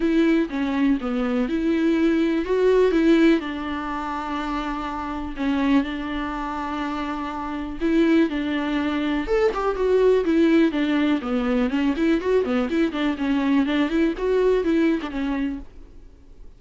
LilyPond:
\new Staff \with { instrumentName = "viola" } { \time 4/4 \tempo 4 = 123 e'4 cis'4 b4 e'4~ | e'4 fis'4 e'4 d'4~ | d'2. cis'4 | d'1 |
e'4 d'2 a'8 g'8 | fis'4 e'4 d'4 b4 | cis'8 e'8 fis'8 b8 e'8 d'8 cis'4 | d'8 e'8 fis'4 e'8. d'16 cis'4 | }